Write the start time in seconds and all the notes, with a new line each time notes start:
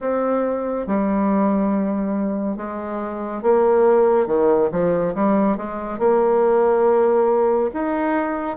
0.00 C4
0.86 G3
2.56 G#3
3.42 A#3
4.26 D#3
4.71 F3
5.14 G3
5.57 G#3
5.98 A#3
7.73 D#4